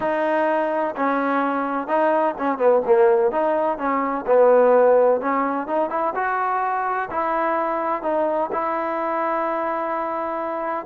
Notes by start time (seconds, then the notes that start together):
0.00 D#4
0.96 C#4
1.87 D#4
2.38 C#4
2.57 B3
2.86 A#3
3.31 D#4
3.78 C#4
4.26 B3
5.21 C#4
5.67 D#4
5.90 E4
6.14 F#4
7.10 E4
8.02 D#4
8.52 E4